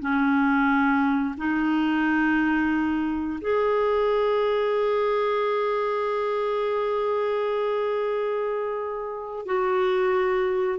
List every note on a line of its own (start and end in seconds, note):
0.00 1.35 C#4
1.38 3.40 D#4
3.41 9.46 G#4
9.46 10.79 F#4